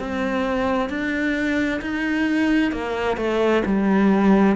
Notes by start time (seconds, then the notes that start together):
0.00 C4
0.90 D4
1.82 D#4
2.72 A#3
3.17 A3
3.66 G3